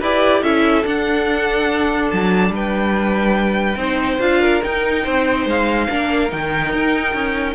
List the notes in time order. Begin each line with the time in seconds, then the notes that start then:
0.00 E4 G4 B4 D5
0.42 C#4 E4 A4 E5
0.83 D4 F#5
2.10 F#3 A5
2.49 G3 B4
2.55 G5
3.75 C4 D#4 C5
4.20 D4 F4 F5
4.41 A#4
4.63 D#4 G5
5.04 C4 C5
5.45 G#3 F5
5.89 A#3 D4 A#4
6.29 D#3 D#4 G5
6.73 D#4
7.14 C#4